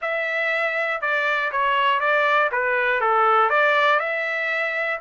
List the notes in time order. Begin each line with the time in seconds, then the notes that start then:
0.01 E5
1.01 D5
1.51 C#5
2.00 D5
2.51 B4
3.00 A4
3.49 D5
3.99 E5